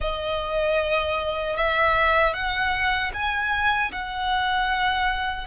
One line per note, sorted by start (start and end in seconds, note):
0.00 1.56 D#5
1.56 2.33 E5
2.33 3.11 F#5
3.13 3.91 G#5
3.92 5.47 F#5